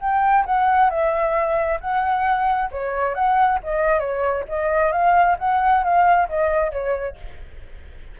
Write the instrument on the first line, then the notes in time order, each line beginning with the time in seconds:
flute
0.00 G5
0.46 F#5
0.90 E5
1.80 F#5
2.71 C#5
3.14 F#5
3.63 D#5
4.00 C#5
4.48 D#5
4.92 F5
5.39 F#5
5.84 F5
6.29 D#5
6.71 C#5